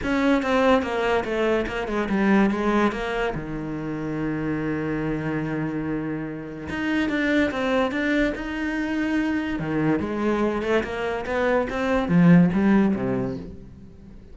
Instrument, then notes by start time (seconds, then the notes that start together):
cello
0.03 C#4
0.42 C4
0.82 A#3
1.24 A3
1.66 A#3
1.87 G#3
2.09 G3
2.50 G#3
2.92 A#3
3.34 D#3
6.69 D#4
7.09 D4
7.51 C4
7.91 D4
8.35 D#4
9.59 D#3
9.99 G#3
10.62 A3
10.83 A#3
11.26 B3
11.69 C4
12.08 F3
12.53 G3
12.95 C3